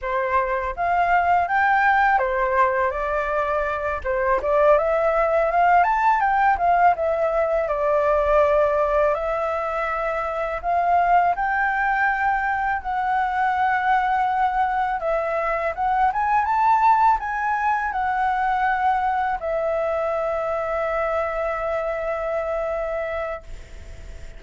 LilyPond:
\new Staff \with { instrumentName = "flute" } { \time 4/4 \tempo 4 = 82 c''4 f''4 g''4 c''4 | d''4. c''8 d''8 e''4 f''8 | a''8 g''8 f''8 e''4 d''4.~ | d''8 e''2 f''4 g''8~ |
g''4. fis''2~ fis''8~ | fis''8 e''4 fis''8 gis''8 a''4 gis''8~ | gis''8 fis''2 e''4.~ | e''1 | }